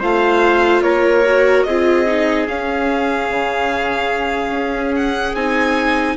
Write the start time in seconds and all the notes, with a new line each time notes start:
0.00 A3 F4 C5 F5
0.83 A#3 A#4 C#5
1.26 F#4
1.64 C4 F4 G#4 D#5
2.07 D#4
2.48 C#4 F5
3.30 C#3
4.51 C#4
4.95 F#5
5.35 C4 D#4 G#5